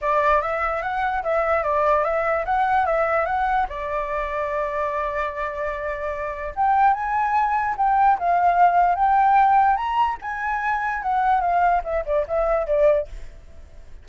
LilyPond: \new Staff \with { instrumentName = "flute" } { \time 4/4 \tempo 4 = 147 d''4 e''4 fis''4 e''4 | d''4 e''4 fis''4 e''4 | fis''4 d''2.~ | d''1 |
g''4 gis''2 g''4 | f''2 g''2 | ais''4 gis''2 fis''4 | f''4 e''8 d''8 e''4 d''4 | }